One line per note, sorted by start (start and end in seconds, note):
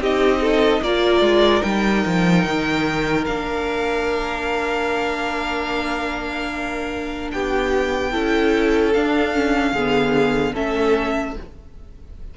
0.00 0.81 C4
0.00 0.84 D#4
0.00 0.41 G4
0.00 0.83 D#5
0.41 0.82 A4
0.81 1.21 A#3
0.81 1.62 F4
0.81 7.32 A#4
0.81 1.63 D5
1.21 1.61 G#3
1.62 2.05 G3
1.62 3.25 D#4
1.62 3.25 G5
2.06 2.45 F3
2.45 3.26 D#3
3.26 7.33 A#3
3.26 8.12 D4
3.26 7.31 F5
7.32 8.15 B3
7.32 8.12 G4
7.32 8.93 G5
8.12 8.96 C#4
8.12 8.93 E4
8.12 9.72 A4
8.93 9.35 D4
8.93 9.72 D4
8.93 10.55 F5
9.35 9.76 C#4
9.72 10.54 D3
9.72 10.54 B3
9.72 10.54 G#4
10.54 11.36 A3
10.54 11.35 C#4
10.54 11.35 A4
10.54 11.37 E5